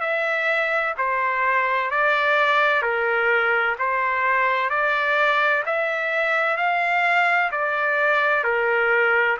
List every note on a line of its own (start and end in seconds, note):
0.00 0.94 E5
0.97 1.90 C5
1.90 2.82 D5
2.82 3.75 A#4
3.78 4.69 C5
4.69 5.63 D5
5.65 6.56 E5
6.56 7.50 F5
7.51 8.43 D5
8.43 9.37 A#4